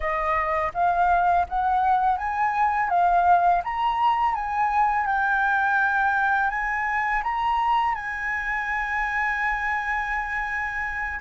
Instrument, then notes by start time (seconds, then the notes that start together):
flute
0.00 D#5
0.74 F5
1.48 F#5
2.17 G#5
2.89 F5
3.63 A#5
4.34 G#5
5.06 G5
6.50 G#5
7.23 A#5
7.94 G#5